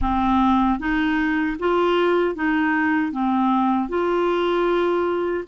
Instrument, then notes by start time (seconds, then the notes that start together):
clarinet
0.01 C4
0.79 D#4
1.59 F4
2.35 D#4
3.12 C4
3.88 F4